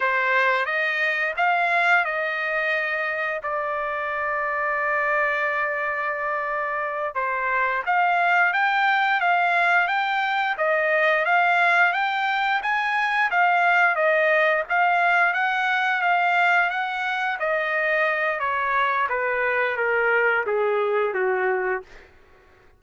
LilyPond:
\new Staff \with { instrumentName = "trumpet" } { \time 4/4 \tempo 4 = 88 c''4 dis''4 f''4 dis''4~ | dis''4 d''2.~ | d''2~ d''8 c''4 f''8~ | f''8 g''4 f''4 g''4 dis''8~ |
dis''8 f''4 g''4 gis''4 f''8~ | f''8 dis''4 f''4 fis''4 f''8~ | f''8 fis''4 dis''4. cis''4 | b'4 ais'4 gis'4 fis'4 | }